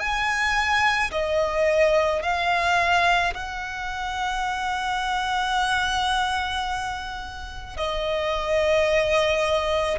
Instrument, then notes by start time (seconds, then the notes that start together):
violin
0.00 G#5
1.12 D#5
2.23 F5
3.34 F#5
7.77 D#5